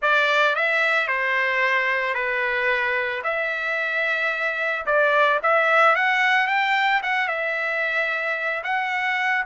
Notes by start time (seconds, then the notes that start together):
0.01 D5
0.55 E5
1.07 C5
2.14 B4
3.23 E5
4.86 D5
5.43 E5
5.95 F#5
6.47 G5
7.02 F#5
7.28 E5
8.63 F#5